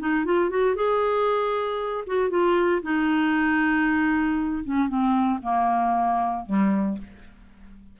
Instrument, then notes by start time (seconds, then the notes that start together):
clarinet
0.00 D#4
0.26 F4
0.50 F#4
0.76 G#4
2.07 F#4
2.30 F4
2.83 D#4
4.65 C#4
4.89 C4
5.43 A#3
6.47 G3